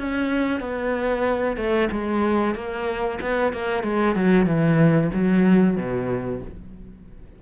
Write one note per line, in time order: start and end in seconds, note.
0.00 0.61 C#4
0.61 1.57 B3
1.57 1.89 A3
1.92 2.55 G#3
2.55 3.20 A#3
3.22 3.53 B3
3.53 3.84 A#3
3.84 4.16 G#3
4.16 4.47 F#3
4.47 5.11 E3
5.14 5.77 F#3
5.77 6.42 B2